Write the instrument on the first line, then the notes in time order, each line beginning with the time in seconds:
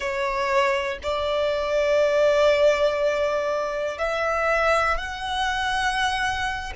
violin
0.00 C#5
1.02 D5
3.98 E5
4.97 F#5